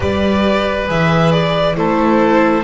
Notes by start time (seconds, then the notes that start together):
0.00 G3 G4 B4 D5
0.87 E3 G#4 E5
1.31 D5
1.76 A3 E4 A4 C5